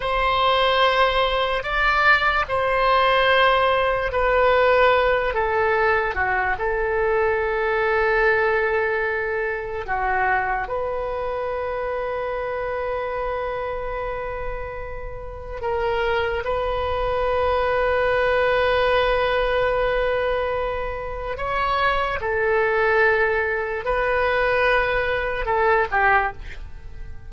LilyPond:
\new Staff \with { instrumentName = "oboe" } { \time 4/4 \tempo 4 = 73 c''2 d''4 c''4~ | c''4 b'4. a'4 fis'8 | a'1 | fis'4 b'2.~ |
b'2. ais'4 | b'1~ | b'2 cis''4 a'4~ | a'4 b'2 a'8 g'8 | }